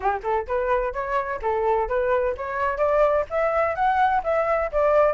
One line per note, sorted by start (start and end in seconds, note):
0.00 0.20 G4
0.23 0.46 A4
0.47 0.93 B4
0.93 1.40 C#5
1.42 1.88 A4
1.88 2.35 B4
2.37 2.77 C#5
2.77 3.24 D5
3.29 3.75 E5
3.75 4.22 F#5
4.23 4.70 E5
4.72 5.13 D5